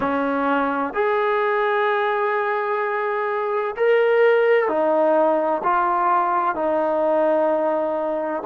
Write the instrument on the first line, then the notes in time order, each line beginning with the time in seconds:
trombone
0.00 C#4
0.93 G#4
3.76 A#4
4.68 D#4
5.63 F4
6.55 D#4